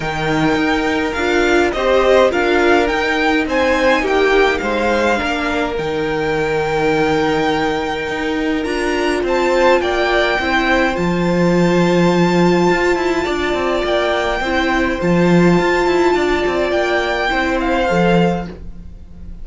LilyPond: <<
  \new Staff \with { instrumentName = "violin" } { \time 4/4 \tempo 4 = 104 g''2 f''4 dis''4 | f''4 g''4 gis''4 g''4 | f''2 g''2~ | g''2. ais''4 |
a''4 g''2 a''4~ | a''1 | g''2 a''2~ | a''4 g''4. f''4. | }
  \new Staff \with { instrumentName = "violin" } { \time 4/4 ais'2. c''4 | ais'2 c''4 g'4 | c''4 ais'2.~ | ais'1 |
c''4 d''4 c''2~ | c''2. d''4~ | d''4 c''2. | d''2 c''2 | }
  \new Staff \with { instrumentName = "viola" } { \time 4/4 dis'2 f'4 g'4 | f'4 dis'2.~ | dis'4 d'4 dis'2~ | dis'2. f'4~ |
f'2 e'4 f'4~ | f'1~ | f'4 e'4 f'2~ | f'2 e'4 a'4 | }
  \new Staff \with { instrumentName = "cello" } { \time 4/4 dis4 dis'4 d'4 c'4 | d'4 dis'4 c'4 ais4 | gis4 ais4 dis2~ | dis2 dis'4 d'4 |
c'4 ais4 c'4 f4~ | f2 f'8 e'8 d'8 c'8 | ais4 c'4 f4 f'8 e'8 | d'8 c'8 ais4 c'4 f4 | }
>>